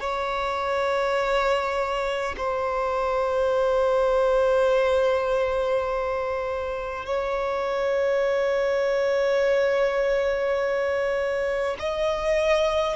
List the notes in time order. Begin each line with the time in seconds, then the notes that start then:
0.00 C#5
2.37 C5
7.06 C#5
11.79 D#5